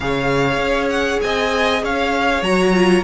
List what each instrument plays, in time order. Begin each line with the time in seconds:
0.00 cello C#3, viola G#4, violin C#5 F5
0.57 cello C#4
0.89 violin F#5
1.21 cello C4, violin D#5 G#5
1.82 cello C#4, violin C#5 F5
2.42 cello F#3, viola F#4, violin A#5
2.73 viola F4